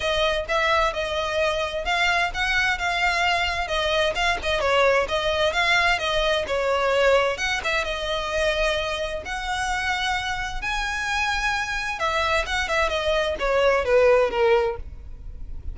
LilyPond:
\new Staff \with { instrumentName = "violin" } { \time 4/4 \tempo 4 = 130 dis''4 e''4 dis''2 | f''4 fis''4 f''2 | dis''4 f''8 dis''8 cis''4 dis''4 | f''4 dis''4 cis''2 |
fis''8 e''8 dis''2. | fis''2. gis''4~ | gis''2 e''4 fis''8 e''8 | dis''4 cis''4 b'4 ais'4 | }